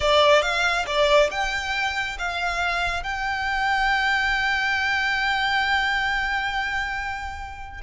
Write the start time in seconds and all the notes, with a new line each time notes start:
0.00 D5
0.42 F5
0.86 D5
1.30 G5
2.18 F5
3.03 G5